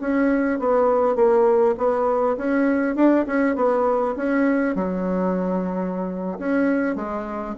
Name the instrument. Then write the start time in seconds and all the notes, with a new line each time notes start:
bassoon
0.00 C#4
0.59 B3
1.15 A#3
1.77 B3
2.37 C#4
2.95 D4
3.26 C#4
3.55 B3
4.16 C#4
4.75 F#3
6.39 C#4
6.95 G#3